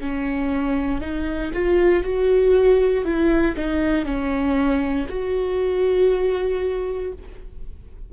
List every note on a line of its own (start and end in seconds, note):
0.00 1.00 C#4
1.00 1.51 D#4
1.53 2.03 F4
2.03 3.04 F#4
3.04 3.55 E4
3.56 4.05 D#4
4.05 5.07 C#4
5.09 7.12 F#4